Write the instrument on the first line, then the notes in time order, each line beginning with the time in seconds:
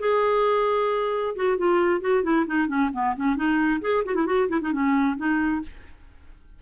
clarinet
0.00 G#4
1.36 F#4
1.58 F4
2.01 F#4
2.23 E4
2.47 D#4
2.68 C#4
2.93 B3
3.16 C#4
3.36 D#4
3.81 G#4
4.06 F#4
4.15 E4
4.26 F#4
4.49 E4
4.62 D#4
4.72 C#4
5.17 D#4